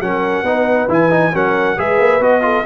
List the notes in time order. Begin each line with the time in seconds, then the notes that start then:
0.00 F#3 C#4 A#4 F#5
0.43 B3 D#4 B4
0.89 E3 E4 G#5
1.10 D#4
1.33 F#3 C#4 A#4 F#5
1.76 G#3 G#4 B4 E5
1.98 A#3
2.20 B3 F#4 D#5
2.42 F4 A4